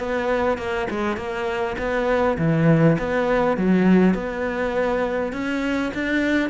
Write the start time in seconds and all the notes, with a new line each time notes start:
0.00 B3
0.58 A#3
0.90 G#3
1.17 A#3
1.78 B3
2.38 E3
2.99 B3
3.57 F#3
4.15 B3
5.33 C#4
5.95 D4